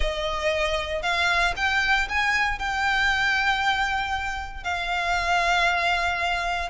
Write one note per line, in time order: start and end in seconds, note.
0.00 1.02 D#5
1.02 1.54 F5
1.56 2.08 G5
2.08 2.59 G#5
2.59 4.63 G5
4.63 6.69 F5